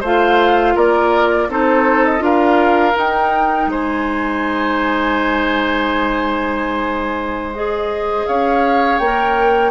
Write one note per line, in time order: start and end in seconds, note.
0.00 0.75 A3
0.00 1.49 F4
0.00 0.73 C5
0.00 0.77 F5
0.75 1.48 A#3
0.75 1.48 A#4
0.75 1.50 D5
1.48 2.20 C4
1.48 2.18 D#4
1.48 2.24 A4
1.48 2.05 C5
2.05 2.23 D#5
2.18 2.93 D4
2.18 2.91 F4
2.18 3.70 A#4
2.18 2.97 F5
2.95 7.53 D#4
2.95 3.66 D#4
2.95 3.71 G5
3.66 8.24 G#3
3.66 8.27 C5
3.66 7.54 G#5
7.54 9.01 G#4
7.54 8.26 D#5
8.26 8.99 C#4
8.26 9.70 C#5
8.26 8.98 F5
8.98 9.70 A#3
8.98 9.70 A#4
8.98 9.70 G5